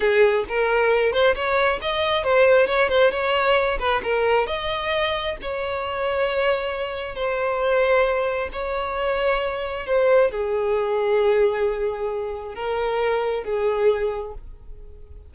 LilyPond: \new Staff \with { instrumentName = "violin" } { \time 4/4 \tempo 4 = 134 gis'4 ais'4. c''8 cis''4 | dis''4 c''4 cis''8 c''8 cis''4~ | cis''8 b'8 ais'4 dis''2 | cis''1 |
c''2. cis''4~ | cis''2 c''4 gis'4~ | gis'1 | ais'2 gis'2 | }